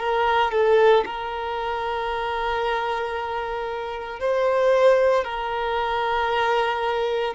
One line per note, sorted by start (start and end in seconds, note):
0.00 0.52 A#4
0.52 1.05 A4
1.06 4.21 A#4
4.21 5.25 C5
5.25 7.35 A#4